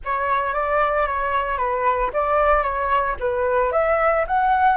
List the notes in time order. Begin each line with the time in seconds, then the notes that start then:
0.04 C#5
0.53 D5
1.06 C#5
1.57 B4
2.13 D5
2.62 C#5
3.19 B4
3.72 E5
4.27 F#5